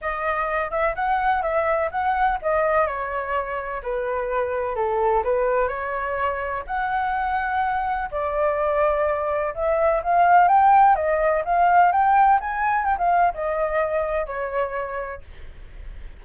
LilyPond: \new Staff \with { instrumentName = "flute" } { \time 4/4 \tempo 4 = 126 dis''4. e''8 fis''4 e''4 | fis''4 dis''4 cis''2 | b'2 a'4 b'4 | cis''2 fis''2~ |
fis''4 d''2. | e''4 f''4 g''4 dis''4 | f''4 g''4 gis''4 g''16 f''8. | dis''2 cis''2 | }